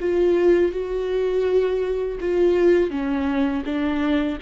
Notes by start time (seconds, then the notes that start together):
0.00 F4
0.72 F#4
2.20 F4
2.90 C#4
3.65 D4